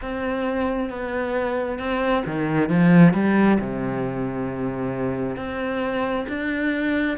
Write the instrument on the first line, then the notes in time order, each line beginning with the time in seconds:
cello
0.01 C4
0.90 B3
1.78 C4
2.26 D#3
2.69 F3
3.13 G3
3.59 C3
5.36 C4
6.28 D4